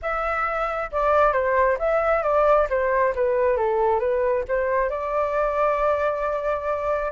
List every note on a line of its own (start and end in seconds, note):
0.02 0.91 E5
0.91 1.33 D5
1.33 1.77 C5
1.78 2.23 E5
2.23 2.67 D5
2.69 3.14 C5
3.15 3.56 B4
3.56 3.99 A4
3.99 4.43 B4
4.48 4.89 C5
4.89 7.11 D5